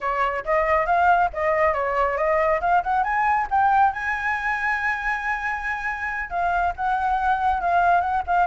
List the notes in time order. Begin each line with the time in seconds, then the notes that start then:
0.00 C#5
0.44 D#5
0.86 F5
1.33 D#5
1.73 C#5
2.17 D#5
2.61 F5
2.83 F#5
3.03 G#5
3.50 G5
3.92 G#5
6.30 F5
6.76 F#5
7.60 F5
8.00 F#5
8.26 F5